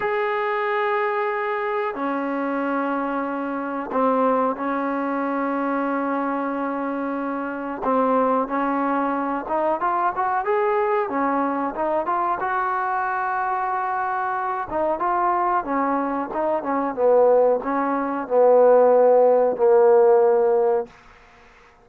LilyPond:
\new Staff \with { instrumentName = "trombone" } { \time 4/4 \tempo 4 = 92 gis'2. cis'4~ | cis'2 c'4 cis'4~ | cis'1 | c'4 cis'4. dis'8 f'8 fis'8 |
gis'4 cis'4 dis'8 f'8 fis'4~ | fis'2~ fis'8 dis'8 f'4 | cis'4 dis'8 cis'8 b4 cis'4 | b2 ais2 | }